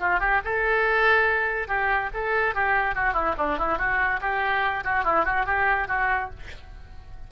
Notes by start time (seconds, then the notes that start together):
0.00 F4
0.20 G4
0.45 A4
1.68 G4
2.14 A4
2.55 G4
2.95 F#4
3.14 E4
3.38 D4
3.58 E4
3.78 F#4
4.21 G4
4.84 F#4
5.04 E4
5.25 F#4
5.46 G4
5.88 F#4